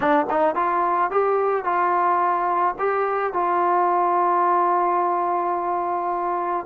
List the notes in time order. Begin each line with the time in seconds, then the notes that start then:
0.00 D4
0.30 D#4
0.55 F4
1.10 G4
1.64 F4
2.78 G4
3.33 F4